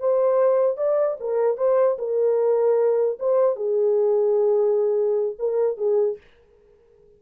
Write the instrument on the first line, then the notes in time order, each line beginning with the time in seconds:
horn
0.00 C5
0.77 D5
1.20 A#4
1.57 C5
1.99 A#4
3.19 C5
3.56 G#4
5.39 A#4
5.77 G#4